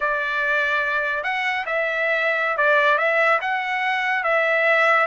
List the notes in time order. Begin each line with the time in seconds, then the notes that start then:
0.00 D5
1.23 F#5
1.66 E5
2.57 D5
2.98 E5
3.41 F#5
4.23 E5